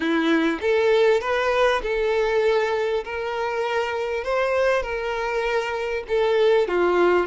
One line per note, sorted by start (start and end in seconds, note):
0.00 0.59 E4
0.61 1.20 A4
1.20 1.81 B4
1.82 3.03 A4
3.04 4.24 A#4
4.24 4.82 C5
4.82 6.03 A#4
6.08 6.68 A4
6.68 7.26 F4